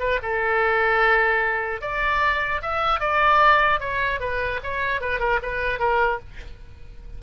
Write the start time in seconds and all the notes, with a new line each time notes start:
0.00 B4
0.23 A4
1.81 D5
2.62 E5
3.00 D5
3.81 C#5
4.21 B4
4.64 C#5
5.01 B4
5.20 A#4
5.43 B4
5.80 A#4